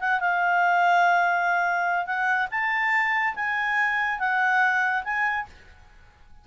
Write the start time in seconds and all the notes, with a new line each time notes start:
0.00 F#5
0.20 F5
2.06 F#5
2.51 A5
3.36 G#5
4.20 F#5
5.04 G#5